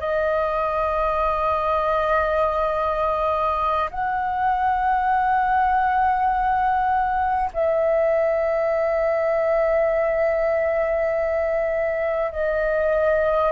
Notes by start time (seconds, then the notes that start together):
0.00 D#5
3.91 F#5
7.54 E5
12.32 D#5